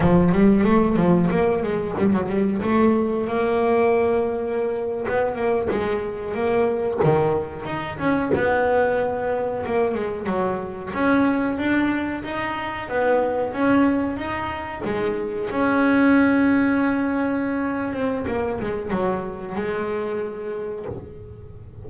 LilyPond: \new Staff \with { instrumentName = "double bass" } { \time 4/4 \tempo 4 = 92 f8 g8 a8 f8 ais8 gis8 g16 fis16 g8 | a4 ais2~ ais8. b16~ | b16 ais8 gis4 ais4 dis4 dis'16~ | dis'16 cis'8 b2 ais8 gis8 fis16~ |
fis8. cis'4 d'4 dis'4 b16~ | b8. cis'4 dis'4 gis4 cis'16~ | cis'2.~ cis'8 c'8 | ais8 gis8 fis4 gis2 | }